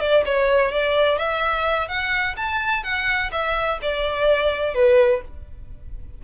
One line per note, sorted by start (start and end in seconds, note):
0.00 0.24 D5
0.25 0.71 C#5
0.71 1.18 D5
1.18 1.88 E5
1.88 2.35 F#5
2.36 2.83 A5
2.83 3.30 F#5
3.32 3.79 E5
3.81 4.74 D5
4.74 5.21 B4